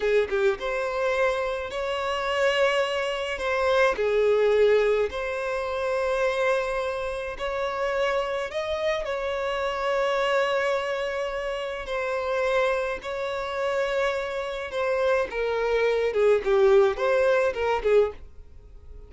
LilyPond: \new Staff \with { instrumentName = "violin" } { \time 4/4 \tempo 4 = 106 gis'8 g'8 c''2 cis''4~ | cis''2 c''4 gis'4~ | gis'4 c''2.~ | c''4 cis''2 dis''4 |
cis''1~ | cis''4 c''2 cis''4~ | cis''2 c''4 ais'4~ | ais'8 gis'8 g'4 c''4 ais'8 gis'8 | }